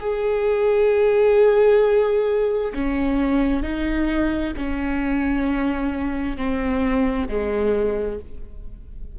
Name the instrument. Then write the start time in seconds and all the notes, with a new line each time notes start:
viola
0.00 G#4
2.74 C#4
3.63 D#4
4.57 C#4
6.37 C4
7.28 G#3